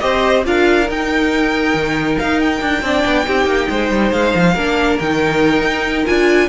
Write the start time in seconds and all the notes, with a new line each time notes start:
0.00 C4 G4 C5 D#5
0.45 D4 F4 A#4 F5
0.90 D#4 G5
1.75 D#3
2.19 D#4 F5
2.41 G5
2.61 D4
2.83 C4 D4 D5
3.05 B3
3.25 C4 D#4 G4
3.46 A#3
3.70 G#3 C5
3.91 G3
4.13 G#3 F5
4.36 F3
4.54 A#3 D4 A#4
5.00 D#3 D#4 G5
5.62 D#4
6.06 D4 F4 G#5